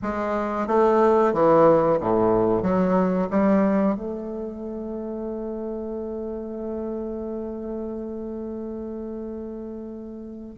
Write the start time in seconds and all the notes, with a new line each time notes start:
0.02 G#3
0.67 A3
1.33 E3
2.00 A2
2.62 F#3
3.30 G3
3.95 A3